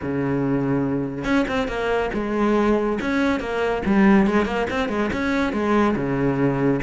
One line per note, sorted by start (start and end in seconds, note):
0.02 1.24 C#3
1.24 1.45 C#4
1.48 1.68 C4
1.68 2.10 A#3
2.13 2.98 G#3
3.01 3.39 C#4
3.39 3.82 A#3
3.85 4.26 G3
4.26 4.45 G#3
4.45 4.66 A#3
4.70 4.88 C4
4.88 5.09 G#3
5.13 5.52 C#4
5.52 5.95 G#3
5.96 6.81 C#3